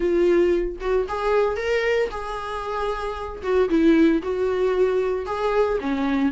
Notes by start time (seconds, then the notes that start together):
0.00 F4
0.80 F#4
1.08 G#4
1.56 A#4
2.11 G#4
3.42 F#4
3.69 E4
4.22 F#4
5.25 G#4
5.80 C#4